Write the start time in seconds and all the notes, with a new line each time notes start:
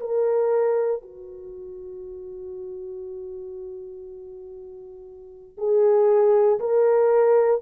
0.00 A#4
1.02 F#4
5.57 G#4
6.60 A#4